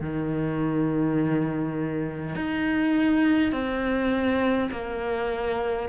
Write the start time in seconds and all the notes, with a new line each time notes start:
0.00 D#3
2.35 D#4
3.52 C4
4.71 A#3